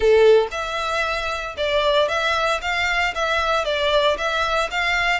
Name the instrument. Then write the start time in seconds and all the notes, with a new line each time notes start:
violin
0.00 A4
0.51 E5
1.57 D5
2.08 E5
2.61 F5
3.14 E5
3.65 D5
4.17 E5
4.70 F5